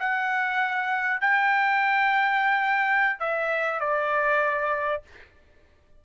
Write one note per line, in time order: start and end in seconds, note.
0.00 1.21 F#5
1.21 3.20 G5
3.20 3.80 E5
3.80 5.03 D5